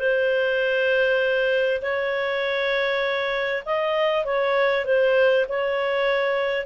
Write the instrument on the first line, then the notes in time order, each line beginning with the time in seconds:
clarinet
0.00 C5
1.82 C#5
3.66 D#5
4.25 C#5
4.85 C5
5.49 C#5